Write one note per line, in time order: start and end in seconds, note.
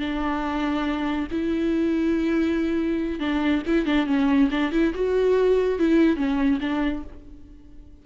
0.00 1.28 D4
1.32 3.20 E4
3.20 3.63 D4
3.67 3.86 E4
3.86 4.07 D4
4.07 4.50 C#4
4.51 4.72 D4
4.73 4.94 E4
4.95 5.79 F#4
5.79 6.17 E4
6.17 6.59 C#4
6.61 7.03 D4